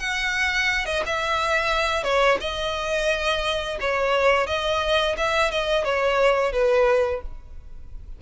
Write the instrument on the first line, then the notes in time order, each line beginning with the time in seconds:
violin
0.00 F#5
0.86 D#5
1.06 E5
2.04 C#5
2.40 D#5
3.81 C#5
4.47 D#5
5.17 E5
5.51 D#5
5.85 C#5
6.53 B4